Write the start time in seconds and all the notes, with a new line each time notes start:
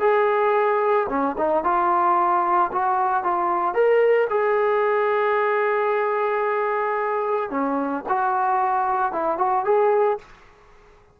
0.00 G#4
1.09 C#4
1.38 D#4
1.64 F4
2.72 F#4
3.23 F4
3.74 A#4
4.30 G#4
7.50 C#4
8.08 F#4
9.12 E4
9.38 F#4
9.65 G#4